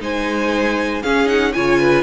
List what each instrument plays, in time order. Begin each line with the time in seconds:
0.00 cello G#3, viola D#4, violin C5 G#5
1.03 viola C#4, cello C#4, violin G#4 F5
1.26 viola D#4, violin F#5
1.53 cello C#3, viola F4, violin C#5 G#5
1.80 violin B4